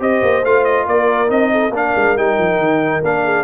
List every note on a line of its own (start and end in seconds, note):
0.00 0.22 C4
0.00 0.43 G4
0.00 0.87 C5
0.00 0.45 D#5
0.23 0.44 A#3
0.44 0.87 A3
0.44 1.28 F4
0.44 0.65 F5
0.65 0.87 D#5
0.87 1.30 A#3
0.87 1.52 A#4
0.87 1.31 D5
1.28 1.70 C4
1.28 1.71 D#4
1.28 1.74 D#5
1.52 1.74 A4
1.70 1.92 A#3
1.70 2.18 D4
1.77 3.24 A#4
1.77 2.18 F5
1.96 2.17 G#3
2.17 2.39 G3
2.17 3.04 D#4
2.17 3.04 G5
2.39 2.58 F3
2.58 3.02 D#3
3.04 3.45 A#3
3.04 3.45 D4
3.04 3.45 F5
3.24 3.45 G#4